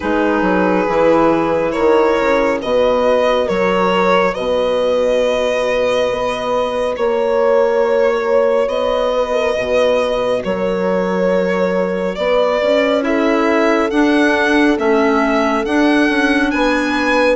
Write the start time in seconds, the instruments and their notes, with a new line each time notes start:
0.00 bassoon G#3, clarinet D#4, horn G#4, violin B4
0.41 bassoon F#3
0.87 bassoon E3, clarinet E4
1.71 horn A#4, violin C#5
1.78 bassoon D#3
2.20 bassoon C#3
2.61 bassoon B2, clarinet F#4, horn B4, violin D#5
3.45 bassoon F#3, horn A#4, violin C#5
4.33 bassoon B2, horn B4, violin D#5
6.10 bassoon B3
6.96 bassoon A#3, violin C#5, horn C#5
8.67 bassoon B3, violin D#5
9.14 horn B4
9.33 horn A#4
9.55 bassoon B2, horn B4
10.44 bassoon F#3, horn A#4, violin C#5
12.15 bassoon B3, horn B4, violin D5
12.61 bassoon C#4
13.01 clarinet E4, horn A4, violin E5
13.90 bassoon D4, clarinet D4, violin F#5
14.78 bassoon A3, clarinet C#4, violin E5
15.65 bassoon D4, clarinet D4, violin F#5
16.08 bassoon C#4
16.50 bassoon B3, horn B4, violin G#5